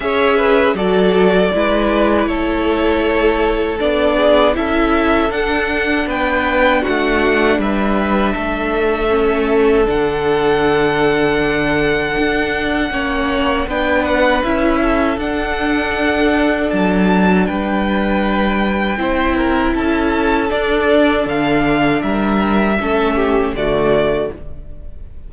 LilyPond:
<<
  \new Staff \with { instrumentName = "violin" } { \time 4/4 \tempo 4 = 79 e''4 d''2 cis''4~ | cis''4 d''4 e''4 fis''4 | g''4 fis''4 e''2~ | e''4 fis''2.~ |
fis''2 g''8 fis''8 e''4 | fis''2 a''4 g''4~ | g''2 a''4 d''4 | f''4 e''2 d''4 | }
  \new Staff \with { instrumentName = "violin" } { \time 4/4 cis''8 b'8 a'4 b'4 a'4~ | a'4. gis'8 a'2 | b'4 fis'4 b'4 a'4~ | a'1~ |
a'4 cis''4 b'4. a'8~ | a'2. b'4~ | b'4 c''8 ais'8 a'2~ | a'4 ais'4 a'8 g'8 fis'4 | }
  \new Staff \with { instrumentName = "viola" } { \time 4/4 gis'4 fis'4 e'2~ | e'4 d'4 e'4 d'4~ | d'1 | cis'4 d'2.~ |
d'4 cis'4 d'4 e'4 | d'1~ | d'4 e'2 d'4~ | d'2 cis'4 a4 | }
  \new Staff \with { instrumentName = "cello" } { \time 4/4 cis'4 fis4 gis4 a4~ | a4 b4 cis'4 d'4 | b4 a4 g4 a4~ | a4 d2. |
d'4 ais4 b4 cis'4 | d'2 fis4 g4~ | g4 c'4 cis'4 d'4 | d4 g4 a4 d4 | }
>>